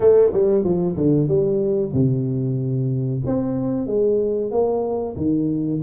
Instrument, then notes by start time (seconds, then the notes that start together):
tuba
0.00 A3
0.32 G3
0.63 F3
0.96 D3
1.27 G3
1.93 C3
3.26 C4
3.86 G#3
4.51 A#3
5.16 D#3